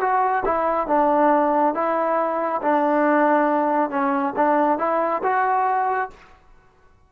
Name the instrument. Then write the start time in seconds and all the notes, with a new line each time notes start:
trombone
0.00 F#4
0.45 E4
0.87 D4
1.74 E4
2.62 D4
3.90 C#4
4.36 D4
4.78 E4
5.23 F#4